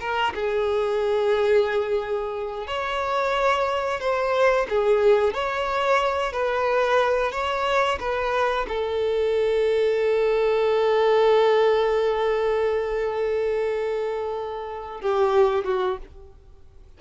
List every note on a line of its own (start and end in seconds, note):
0.00 0.33 A#4
0.34 2.67 G#4
2.67 4.00 C#5
4.00 4.67 C5
4.69 5.34 G#4
5.34 6.32 C#5
6.32 7.32 B4
7.32 7.98 C#5
7.99 8.66 B4
8.68 15.01 A4
15.01 15.64 G4
15.64 15.98 F#4